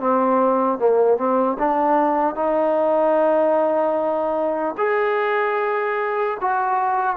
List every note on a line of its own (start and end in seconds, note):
0.00 0.79 C4
0.79 1.18 A#3
1.18 1.58 C4
1.59 2.36 D4
2.36 4.76 D#4
4.78 6.38 G#4
6.41 7.17 F#4